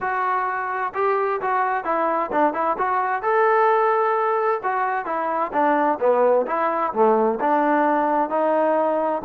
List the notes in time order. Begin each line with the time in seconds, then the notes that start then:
0.00 F#4
0.94 G4
1.41 F#4
1.84 E4
2.32 D4
2.53 E4
2.78 F#4
3.22 A4
4.63 F#4
5.05 E4
5.52 D4
5.99 B3
6.46 E4
6.93 A3
7.40 D4
8.29 D#4